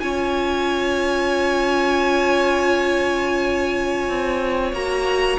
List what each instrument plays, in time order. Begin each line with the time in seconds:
0.00 cello C#4, viola F4, violin C#5 G#5
4.09 cello C4
4.73 cello A#3, viola F#4, violin A#5